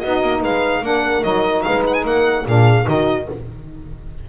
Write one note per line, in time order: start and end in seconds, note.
0.00 0.22 B3
0.00 0.83 D#4
0.00 0.40 F#4
0.00 0.41 D#5
0.22 0.43 A#3
0.40 0.82 G#3
0.40 0.81 B4
0.40 0.85 F5
0.82 1.23 A#3
0.82 1.22 D4
0.82 1.65 A#4
0.82 1.23 F#5
1.22 1.65 F#3
1.22 2.45 D#4
1.22 1.62 D#5
1.62 2.05 G#3
1.62 2.03 B4
1.62 1.83 F5
1.87 1.94 F#5
1.94 2.04 G#5
2.03 2.45 A#3
2.03 2.44 A#4
2.03 2.47 F#5
2.46 2.87 A#2
2.46 2.84 D4
2.46 2.86 G#4
2.46 2.88 F5
2.84 3.29 D#3
2.84 3.24 D#4
2.84 3.27 F#4
2.84 3.29 D#5